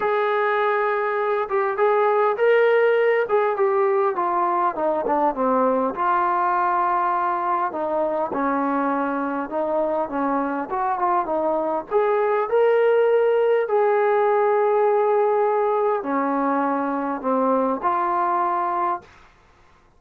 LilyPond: \new Staff \with { instrumentName = "trombone" } { \time 4/4 \tempo 4 = 101 gis'2~ gis'8 g'8 gis'4 | ais'4. gis'8 g'4 f'4 | dis'8 d'8 c'4 f'2~ | f'4 dis'4 cis'2 |
dis'4 cis'4 fis'8 f'8 dis'4 | gis'4 ais'2 gis'4~ | gis'2. cis'4~ | cis'4 c'4 f'2 | }